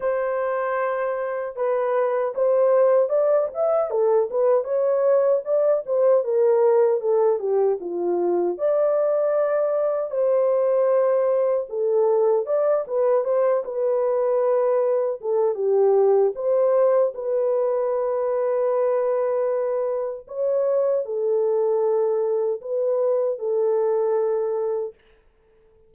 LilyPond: \new Staff \with { instrumentName = "horn" } { \time 4/4 \tempo 4 = 77 c''2 b'4 c''4 | d''8 e''8 a'8 b'8 cis''4 d''8 c''8 | ais'4 a'8 g'8 f'4 d''4~ | d''4 c''2 a'4 |
d''8 b'8 c''8 b'2 a'8 | g'4 c''4 b'2~ | b'2 cis''4 a'4~ | a'4 b'4 a'2 | }